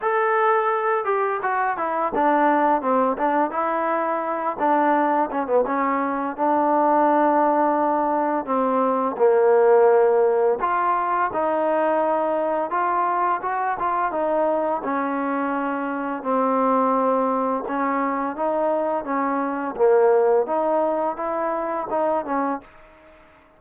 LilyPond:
\new Staff \with { instrumentName = "trombone" } { \time 4/4 \tempo 4 = 85 a'4. g'8 fis'8 e'8 d'4 | c'8 d'8 e'4. d'4 cis'16 b16 | cis'4 d'2. | c'4 ais2 f'4 |
dis'2 f'4 fis'8 f'8 | dis'4 cis'2 c'4~ | c'4 cis'4 dis'4 cis'4 | ais4 dis'4 e'4 dis'8 cis'8 | }